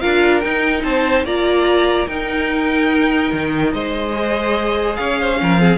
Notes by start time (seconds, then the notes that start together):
0.00 D4 F4 A#4 F5
0.40 D#4 G5
0.83 C4 C5 A5
1.24 A#3 F4 D5 A#5
2.07 D#4 A#4 G5
3.32 D#3
3.73 G#3 C5 D#5
4.13 G#4
4.96 C#4 C#5 F5
5.19 C5
5.37 F3 C#4 A#4
5.58 C4 G#4